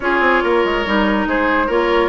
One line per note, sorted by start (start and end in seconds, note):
0.00 0.20 C#4
0.00 0.86 F4
0.00 0.43 G#4
0.00 1.28 C#5
0.20 0.41 C4
0.43 0.64 A#3
0.43 1.28 A#4
0.64 0.85 G#3
0.86 1.26 G3
0.86 1.69 D#4
1.26 1.68 G#3
1.26 1.67 G#4
1.26 1.70 C5
1.67 2.09 A#3
1.67 2.09 F4
1.67 2.09 A#4
1.67 2.09 C#5